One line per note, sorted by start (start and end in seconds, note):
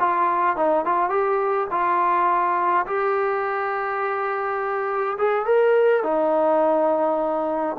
0.00 0.57 F4
0.57 0.86 D#4
0.86 1.10 F4
1.10 1.68 G4
1.71 2.87 F4
2.87 5.18 G4
5.19 5.46 G#4
5.46 6.04 A#4
6.04 7.77 D#4